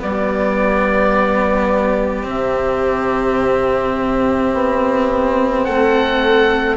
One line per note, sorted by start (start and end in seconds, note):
0.00 2.27 G3
0.00 2.23 B3
0.00 5.65 G4
0.00 2.29 D5
2.23 4.54 C3
2.23 6.76 C4
2.23 5.65 E5
4.54 5.67 B3
5.65 6.77 A3
5.65 6.77 A4
5.65 6.77 F#5